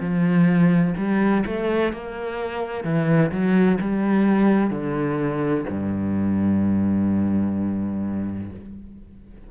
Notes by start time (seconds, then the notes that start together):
0.00 F3
0.97 G3
1.46 A3
1.93 A#3
2.84 E3
3.32 F#3
3.81 G3
4.70 D3
5.70 G2